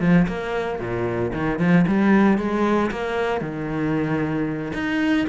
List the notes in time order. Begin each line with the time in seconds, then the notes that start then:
0.00 F3
0.27 A#3
0.79 A#2
1.33 D#3
1.59 F3
1.87 G3
2.38 G#3
2.91 A#3
3.41 D#3
4.73 D#4